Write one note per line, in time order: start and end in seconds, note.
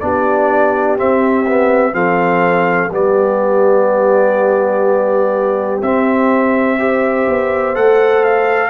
0.00 0.98 B3
0.00 0.97 D4
0.00 1.94 G4
0.00 0.97 D5
0.97 1.45 C4
0.97 1.93 C4
0.97 1.94 E5
1.46 1.92 B3
1.92 2.90 F3
1.92 2.89 C4
1.92 2.90 A4
1.92 2.91 F5
2.90 5.81 G3
2.90 5.82 B3
2.90 6.77 G4
2.90 5.82 D5
5.81 7.27 C4
5.81 6.78 C4
5.81 7.75 E5
6.78 7.74 G4
6.78 8.69 C5
7.28 7.76 B3
7.74 8.69 A3
7.74 8.69 A4
7.74 8.24 F#5
8.24 8.69 F5